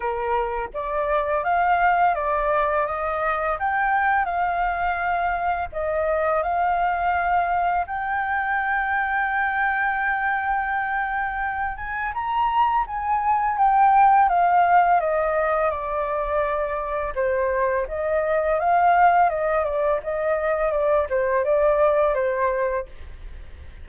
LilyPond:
\new Staff \with { instrumentName = "flute" } { \time 4/4 \tempo 4 = 84 ais'4 d''4 f''4 d''4 | dis''4 g''4 f''2 | dis''4 f''2 g''4~ | g''1~ |
g''8 gis''8 ais''4 gis''4 g''4 | f''4 dis''4 d''2 | c''4 dis''4 f''4 dis''8 d''8 | dis''4 d''8 c''8 d''4 c''4 | }